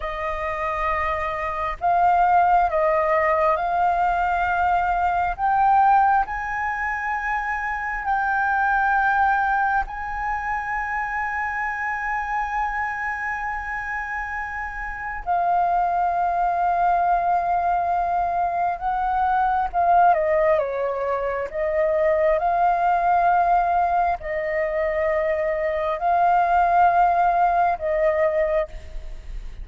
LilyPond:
\new Staff \with { instrumentName = "flute" } { \time 4/4 \tempo 4 = 67 dis''2 f''4 dis''4 | f''2 g''4 gis''4~ | gis''4 g''2 gis''4~ | gis''1~ |
gis''4 f''2.~ | f''4 fis''4 f''8 dis''8 cis''4 | dis''4 f''2 dis''4~ | dis''4 f''2 dis''4 | }